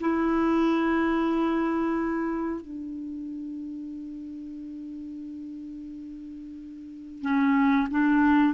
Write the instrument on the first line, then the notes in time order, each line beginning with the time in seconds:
clarinet
0.00 E4
2.61 D4
7.21 C#4
7.90 D4